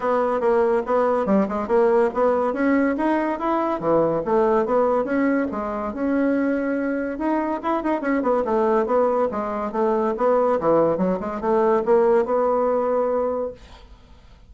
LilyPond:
\new Staff \with { instrumentName = "bassoon" } { \time 4/4 \tempo 4 = 142 b4 ais4 b4 g8 gis8 | ais4 b4 cis'4 dis'4 | e'4 e4 a4 b4 | cis'4 gis4 cis'2~ |
cis'4 dis'4 e'8 dis'8 cis'8 b8 | a4 b4 gis4 a4 | b4 e4 fis8 gis8 a4 | ais4 b2. | }